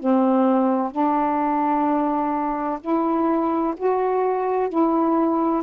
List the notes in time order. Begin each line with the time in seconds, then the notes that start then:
0.00 C4
0.92 D4
2.81 E4
3.77 F#4
4.70 E4